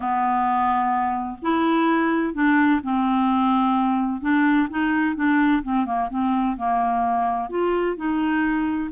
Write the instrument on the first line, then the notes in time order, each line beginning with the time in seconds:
clarinet
0.00 B3
1.42 E4
2.34 D4
2.83 C4
4.21 D4
4.70 D#4
5.15 D4
5.62 C4
5.85 A#3
6.09 C4
6.56 A#3
7.49 F4
7.96 D#4